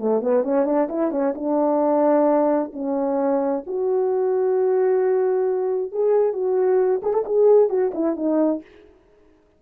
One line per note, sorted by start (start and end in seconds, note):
0.00 0.22 A3
0.22 0.44 B3
0.44 0.66 C#4
0.66 0.88 D4
0.89 1.11 E4
1.11 1.34 C#4
1.35 2.71 D4
2.73 3.64 C#4
3.67 5.92 F#4
5.92 6.33 G#4
6.33 7.01 F#4
7.03 7.14 G#4
7.14 7.25 A4
7.26 7.69 G#4
7.69 7.92 F#4
7.94 8.17 E4
8.17 8.62 D#4